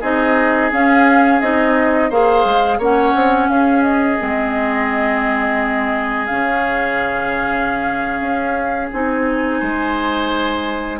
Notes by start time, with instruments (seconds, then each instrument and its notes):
0.00 bassoon C4, clarinet D#4, oboe G#4, flute D#5
0.71 clarinet C#4, bassoon C#4, flute F5
1.41 bassoon C4, clarinet D#4, flute D#5
2.09 bassoon A#3, clarinet G#4, oboe C5, flute F5
2.44 bassoon G#3
2.78 bassoon A#3, clarinet C#4, oboe C#5, flute F#5
3.15 bassoon C4
3.48 bassoon C#4, oboe G#4, flute F5
3.83 flute D#5
4.18 bassoon G#3, clarinet C4
6.26 bassoon C#3, clarinet C#4, flute F5
8.20 bassoon C#4
8.92 bassoon C4, clarinet D#4, flute G#5
9.59 bassoon G#3, oboe C5